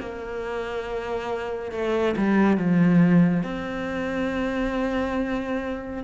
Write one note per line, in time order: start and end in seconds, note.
0.00 1.72 A#3
1.72 2.15 A3
2.17 2.57 G3
2.57 3.43 F3
3.43 6.04 C4